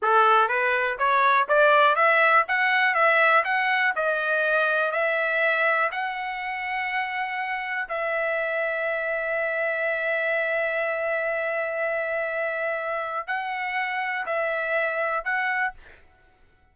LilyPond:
\new Staff \with { instrumentName = "trumpet" } { \time 4/4 \tempo 4 = 122 a'4 b'4 cis''4 d''4 | e''4 fis''4 e''4 fis''4 | dis''2 e''2 | fis''1 |
e''1~ | e''1~ | e''2. fis''4~ | fis''4 e''2 fis''4 | }